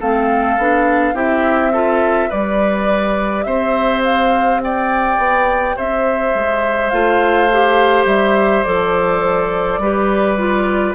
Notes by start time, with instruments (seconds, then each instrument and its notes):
0.00 bassoon A3, clarinet C4, oboe A4, flute F5
0.58 bassoon B3, clarinet D4
1.13 bassoon C4, clarinet E4, oboe G4, flute E5
1.73 clarinet F4, oboe A4
2.29 bassoon G3, clarinet G4, oboe B4, flute D5
3.43 bassoon C4, oboe C5, flute E5
4.04 flute F5
4.63 oboe D5, flute G5
5.18 bassoon B3
5.76 bassoon C4, oboe C5, flute E5
6.34 bassoon G#3
6.89 bassoon A3, clarinet F4, flute F5
7.52 clarinet G4
8.05 bassoon G3, flute E5
8.63 bassoon F3, clarinet A4, flute D5
9.78 bassoon G3, clarinet G4, oboe B4
10.38 clarinet F4